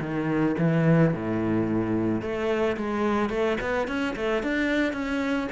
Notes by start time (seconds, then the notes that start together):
0.00 D#3
0.58 E3
1.13 A2
2.21 A3
2.76 G#3
3.29 A3
3.61 B3
3.87 C#4
4.16 A3
4.42 D4
4.92 C#4